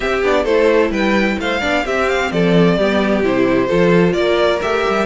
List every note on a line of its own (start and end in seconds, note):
0.00 0.22 C4
0.00 0.23 C4
0.00 0.43 G4
0.00 0.22 E5
0.22 0.45 B3
0.22 0.46 D4
0.22 0.45 D5
0.43 0.90 A3
0.43 1.61 E4
0.43 0.90 A4
0.43 0.91 C5
0.90 1.37 G3
0.90 1.37 B4
0.90 1.39 G5
1.38 1.62 A3
1.38 1.60 C5
1.38 1.86 F5
1.60 1.85 B3
1.60 1.84 D4
1.60 1.83 D5
1.85 2.31 C4
1.85 2.80 C4
1.85 2.31 G4
1.85 2.09 E5
2.09 2.31 F5
2.31 2.77 F3
2.31 2.77 A4
2.31 3.23 D5
2.77 3.23 G3
2.77 3.23 B3
2.77 3.67 G4
3.23 3.69 C3
3.23 3.66 E4
3.23 4.12 C5
3.66 4.14 F3
3.66 4.59 F4
3.66 4.13 A4
4.12 4.60 A#3
4.12 5.06 A#4
4.12 4.59 D5
4.62 4.85 A3
4.62 5.06 G4
4.62 5.06 E5
4.88 5.06 G3